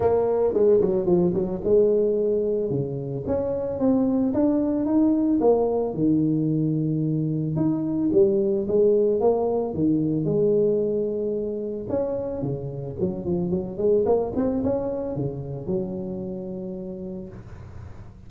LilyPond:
\new Staff \with { instrumentName = "tuba" } { \time 4/4 \tempo 4 = 111 ais4 gis8 fis8 f8 fis8 gis4~ | gis4 cis4 cis'4 c'4 | d'4 dis'4 ais4 dis4~ | dis2 dis'4 g4 |
gis4 ais4 dis4 gis4~ | gis2 cis'4 cis4 | fis8 f8 fis8 gis8 ais8 c'8 cis'4 | cis4 fis2. | }